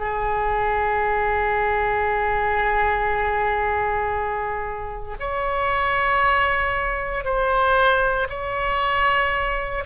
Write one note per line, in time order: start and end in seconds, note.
0.00 5.17 G#4
5.20 7.25 C#5
7.25 8.28 C5
8.29 9.85 C#5